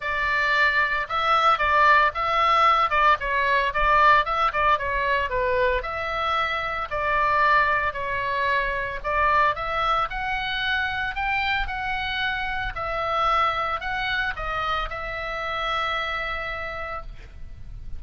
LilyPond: \new Staff \with { instrumentName = "oboe" } { \time 4/4 \tempo 4 = 113 d''2 e''4 d''4 | e''4. d''8 cis''4 d''4 | e''8 d''8 cis''4 b'4 e''4~ | e''4 d''2 cis''4~ |
cis''4 d''4 e''4 fis''4~ | fis''4 g''4 fis''2 | e''2 fis''4 dis''4 | e''1 | }